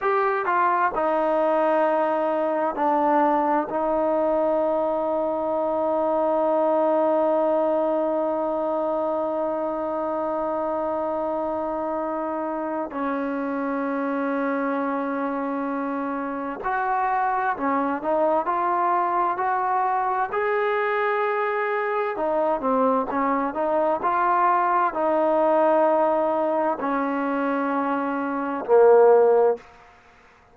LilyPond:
\new Staff \with { instrumentName = "trombone" } { \time 4/4 \tempo 4 = 65 g'8 f'8 dis'2 d'4 | dis'1~ | dis'1~ | dis'2 cis'2~ |
cis'2 fis'4 cis'8 dis'8 | f'4 fis'4 gis'2 | dis'8 c'8 cis'8 dis'8 f'4 dis'4~ | dis'4 cis'2 ais4 | }